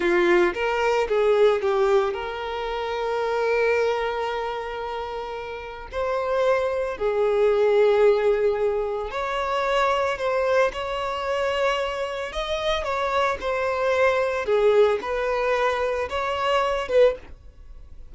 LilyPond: \new Staff \with { instrumentName = "violin" } { \time 4/4 \tempo 4 = 112 f'4 ais'4 gis'4 g'4 | ais'1~ | ais'2. c''4~ | c''4 gis'2.~ |
gis'4 cis''2 c''4 | cis''2. dis''4 | cis''4 c''2 gis'4 | b'2 cis''4. b'8 | }